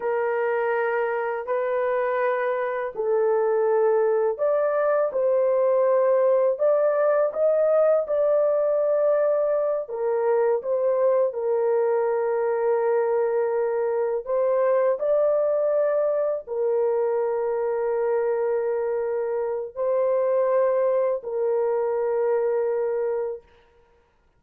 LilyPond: \new Staff \with { instrumentName = "horn" } { \time 4/4 \tempo 4 = 82 ais'2 b'2 | a'2 d''4 c''4~ | c''4 d''4 dis''4 d''4~ | d''4. ais'4 c''4 ais'8~ |
ais'2.~ ais'8 c''8~ | c''8 d''2 ais'4.~ | ais'2. c''4~ | c''4 ais'2. | }